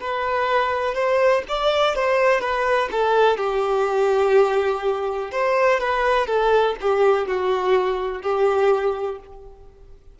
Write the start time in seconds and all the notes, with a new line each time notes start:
0.00 B4
0.94 C5
1.48 D5
1.95 C5
2.41 B4
2.91 A4
3.37 G4
5.31 C5
5.80 B4
6.26 A4
6.80 G4
7.27 F#4
8.22 G4